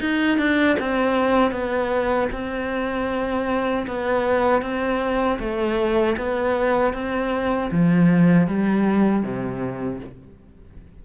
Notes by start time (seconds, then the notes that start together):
0.00 D#4
0.38 D4
0.79 C4
1.51 B3
2.32 C4
3.87 B3
4.62 C4
5.39 A3
6.17 B3
6.93 C4
7.71 F3
8.47 G3
9.23 C3